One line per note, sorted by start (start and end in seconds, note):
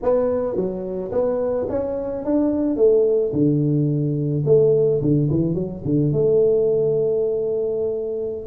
0.02 0.56 B3
0.56 1.11 F#3
1.11 1.67 B3
1.69 2.24 C#4
2.24 2.76 D4
2.76 3.32 A3
3.32 4.43 D3
4.45 5.01 A3
5.02 5.29 D3
5.30 5.54 E3
5.54 5.82 F#3
5.84 6.12 D3
6.12 8.46 A3